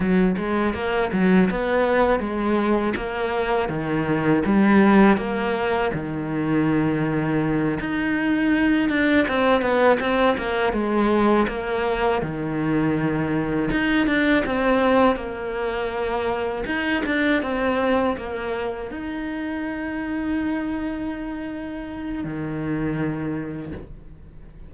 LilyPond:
\new Staff \with { instrumentName = "cello" } { \time 4/4 \tempo 4 = 81 fis8 gis8 ais8 fis8 b4 gis4 | ais4 dis4 g4 ais4 | dis2~ dis8 dis'4. | d'8 c'8 b8 c'8 ais8 gis4 ais8~ |
ais8 dis2 dis'8 d'8 c'8~ | c'8 ais2 dis'8 d'8 c'8~ | c'8 ais4 dis'2~ dis'8~ | dis'2 dis2 | }